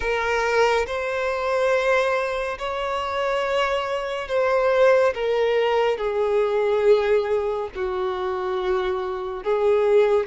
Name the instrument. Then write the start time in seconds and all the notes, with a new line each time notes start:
violin
0.00 A#4
0.86 C5
2.58 C#5
4.28 C5
5.14 A#4
5.97 G#4
7.75 F#4
9.43 G#4